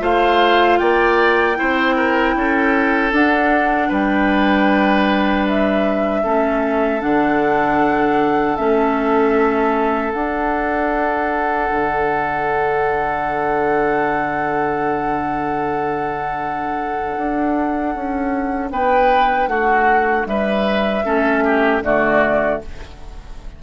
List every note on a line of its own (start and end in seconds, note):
0.00 0.79 A3
0.00 1.56 F4
0.00 0.80 C5
0.00 0.79 F5
0.79 1.59 A#3
0.79 1.58 D5
0.79 3.12 G5
1.56 2.36 C4
1.56 3.12 E4
1.56 1.96 C5
1.96 2.35 A#4
2.36 3.12 C#4
2.36 3.89 A4
3.12 3.90 D4
3.12 6.25 D4
3.12 3.92 F#5
3.89 6.25 G3
3.89 6.23 B4
3.89 5.48 G5
5.48 7.02 E5
6.24 7.03 A3
6.24 7.01 C#4
6.24 18.71 A4
7.01 8.59 D3
7.01 8.57 D4
7.01 8.57 F#5
8.57 10.14 A3
8.57 10.13 C#4
8.57 10.13 E5
10.13 21.04 D4
10.13 11.70 D4
10.13 18.70 F#5
11.71 17.17 D3
17.17 17.95 D4
17.95 18.71 C#4
18.71 19.48 B3
18.71 19.50 B4
18.71 19.48 G5
19.48 20.25 A3
19.48 20.28 F#4
19.48 20.26 F#5
20.26 21.04 G3
20.26 21.05 B4
20.26 21.83 E5
21.05 21.82 A3
21.05 21.83 C#4
21.05 21.44 A4
21.44 21.83 G4
21.82 22.60 D3
21.82 22.62 A3
21.82 22.63 F#4
21.82 22.62 D5